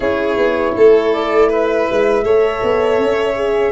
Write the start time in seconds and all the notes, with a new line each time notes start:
0.00 C#4 E4 G#4 C#5
0.36 B3
0.76 A3 A4
1.12 D5
1.48 B4 E5
1.91 G#3
2.23 A3 A4 C#5
2.62 B3
2.98 C#4
3.36 G#4